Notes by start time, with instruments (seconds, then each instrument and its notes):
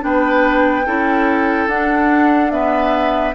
0.00 bassoon B3, clarinet D4, oboe B4, flute G5
0.86 bassoon C#4, clarinet E4, oboe A4
1.67 bassoon D4, clarinet D4, flute F#5
2.51 clarinet B3, oboe B4, flute E5